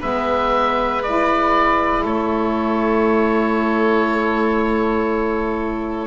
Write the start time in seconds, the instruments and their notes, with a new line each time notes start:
0.00 double bass G#3, saxophone B3, violin B4, oboe E5
1.03 saxophone E4, oboe D5
2.04 double bass A3, violin A4, oboe C#5